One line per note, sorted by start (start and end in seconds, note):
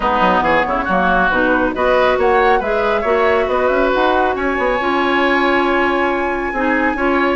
0.00 0.20 G#3
0.00 0.88 B3
0.00 0.43 D#4
0.00 0.41 B4
0.20 0.40 F#3
0.40 0.62 E3
0.40 0.65 G#4
0.40 1.30 C#5
0.66 0.88 C#3
0.66 0.83 E4
0.83 1.30 F#3
0.83 1.32 A#3
0.83 1.70 F#4
1.30 1.74 B2
1.30 1.74 D#4
1.30 1.74 B4
1.74 2.17 B3
1.74 2.61 F#4
1.74 2.18 B4
1.74 2.18 D#5
2.17 2.60 A#3
2.17 2.59 C#5
2.17 2.62 F#5
2.59 3.03 G#3
2.59 3.04 G#4
2.59 3.01 B4
2.59 3.48 E5
3.01 3.47 A#3
3.01 4.78 F#4
3.01 3.44 C#5
3.47 3.69 B3
3.47 4.35 B4
3.47 3.68 D#5
3.68 3.91 C#4
3.68 3.90 E5
3.93 4.35 D#4
3.93 4.34 F#5
4.34 4.57 C#4
4.34 6.52 C#5
4.34 7.36 G#5
4.58 4.79 B3
4.79 6.52 C#4
4.79 6.54 F4
6.52 6.94 C4
6.52 6.97 D#4
6.52 6.96 G#4
6.94 7.36 C#4
6.94 7.36 F4
6.94 7.36 C#5